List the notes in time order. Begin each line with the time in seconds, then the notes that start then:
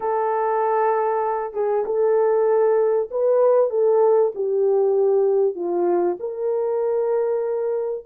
0.00 A4
1.53 G#4
1.85 A4
3.10 B4
3.70 A4
4.34 G4
5.55 F4
6.19 A#4